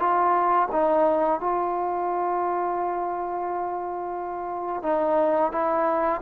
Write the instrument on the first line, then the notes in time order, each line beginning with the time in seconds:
trombone
0.00 F4
0.72 D#4
1.41 F4
4.83 D#4
5.52 E4